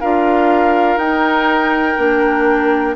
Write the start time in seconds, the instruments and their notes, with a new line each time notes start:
0.00 bassoon D4, clarinet F4, oboe A#4, flute F5
0.96 bassoon D#4, clarinet D#4, flute G5
1.97 bassoon A#3, clarinet D4